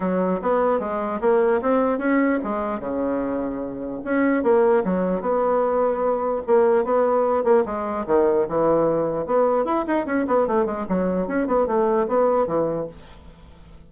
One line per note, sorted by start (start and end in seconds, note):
0.00 0.40 F#3
0.42 0.79 B3
0.79 1.20 G#3
1.20 1.61 A#3
1.61 1.98 C4
1.98 2.38 C#4
2.43 2.79 G#3
2.79 4.00 C#3
4.04 4.43 C#4
4.43 4.83 A#3
4.84 5.21 F#3
5.21 6.41 B3
6.46 6.84 A#3
6.84 7.44 B3
7.44 7.64 A#3
7.65 8.05 G#3
8.06 8.46 D#3
8.48 9.26 E3
9.26 9.64 B3
9.64 9.85 E4
9.87 10.06 D#4
10.06 10.26 C#4
10.27 10.47 B3
10.47 10.65 A3
10.65 10.85 G#3
10.88 11.27 F#3
11.27 11.47 C#4
11.47 11.66 B3
11.66 12.07 A3
12.07 12.46 B3
12.46 12.87 E3